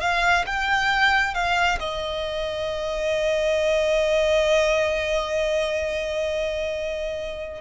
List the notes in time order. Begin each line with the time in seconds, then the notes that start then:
0.00 F5
0.46 G5
1.34 F5
1.79 D#5